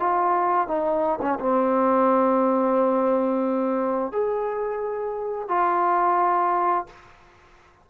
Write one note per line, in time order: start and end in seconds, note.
0.00 0.68 F4
0.68 1.20 D#4
1.22 1.39 C#4
1.40 4.12 C4
4.12 5.49 G#4
5.49 6.87 F4